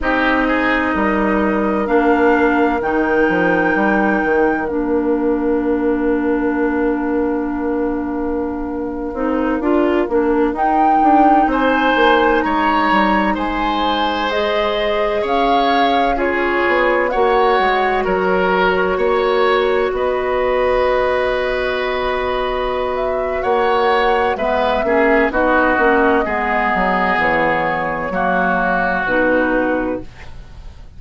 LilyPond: <<
  \new Staff \with { instrumentName = "flute" } { \time 4/4 \tempo 4 = 64 dis''2 f''4 g''4~ | g''4 f''2.~ | f''2.~ f''16 g''8.~ | g''16 gis''4 ais''4 gis''4 dis''8.~ |
dis''16 f''4 cis''4 fis''4 cis''8.~ | cis''4~ cis''16 dis''2~ dis''8.~ | dis''8 e''8 fis''4 e''4 dis''4~ | dis''4 cis''2 b'4 | }
  \new Staff \with { instrumentName = "oboe" } { \time 4/4 g'8 gis'8 ais'2.~ | ais'1~ | ais'1~ | ais'16 c''4 cis''4 c''4.~ c''16~ |
c''16 cis''4 gis'4 cis''4 ais'8.~ | ais'16 cis''4 b'2~ b'8.~ | b'4 cis''4 b'8 gis'8 fis'4 | gis'2 fis'2 | }
  \new Staff \with { instrumentName = "clarinet" } { \time 4/4 dis'2 d'4 dis'4~ | dis'4 d'2.~ | d'4.~ d'16 dis'8 f'8 d'8 dis'8.~ | dis'2.~ dis'16 gis'8.~ |
gis'4~ gis'16 f'4 fis'4.~ fis'16~ | fis'1~ | fis'2 b8 cis'8 dis'8 cis'8 | b2 ais4 dis'4 | }
  \new Staff \with { instrumentName = "bassoon" } { \time 4/4 c'4 g4 ais4 dis8 f8 | g8 dis8 ais2.~ | ais4.~ ais16 c'8 d'8 ais8 dis'8 d'16~ | d'16 c'8 ais8 gis8 g8 gis4.~ gis16~ |
gis16 cis'4. b8 ais8 gis8 fis8.~ | fis16 ais4 b2~ b8.~ | b4 ais4 gis8 ais8 b8 ais8 | gis8 fis8 e4 fis4 b,4 | }
>>